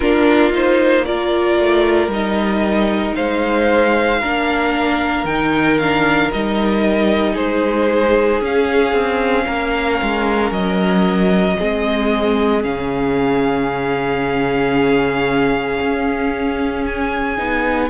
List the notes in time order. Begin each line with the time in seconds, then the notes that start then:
0.00 A#3 D4 F4 A#4
0.51 D#4 C5
1.05 F4 A#4 D5
1.59 A3
2.07 G3 D#4 D#5
3.15 G#3 C5 F5
4.20 A#3 D4 A#4
5.24 D#3 D#4 G5
5.78 D4 F5
6.32 G3 D#4 D#5
7.33 G#3 G#4 C5
8.41 C#4 F5
8.92 C4
9.45 A#3 A#4
10.02 G#3
10.51 F#3 D#5
11.59 G#3 C4 G#4
12.62 C#3 C#4 F5
15.80 C#4
16.86 G#5
17.37 B3 D#4